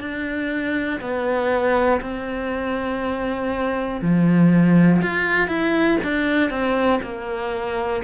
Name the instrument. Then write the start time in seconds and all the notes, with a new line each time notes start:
cello
0.00 D4
1.01 B3
2.01 C4
4.01 F3
5.02 F4
5.48 E4
6.04 D4
6.50 C4
7.02 A#3